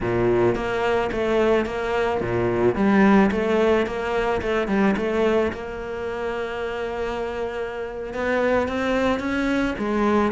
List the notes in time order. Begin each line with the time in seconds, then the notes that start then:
0.00 A#2
0.55 A#3
1.12 A3
1.65 A#3
2.20 A#2
2.75 G3
3.31 A3
3.86 A#3
4.41 A3
4.67 G3
4.97 A3
5.52 A#3
8.13 B3
8.67 C4
9.19 C#4
9.78 G#3